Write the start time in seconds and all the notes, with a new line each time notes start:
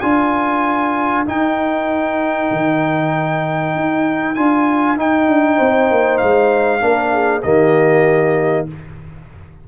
0.00 D4 F4 A#4 G#5
1.26 D#4 G5
2.51 D#3
3.75 D#4
4.35 D4 F4 G#5
4.97 D#4 G5
5.27 D4
5.57 C4 C5
5.90 A#3
6.18 G#3 F5
6.80 A#3 D4 A#4
7.12 G#4
7.43 D#3 A#3 G4 D#5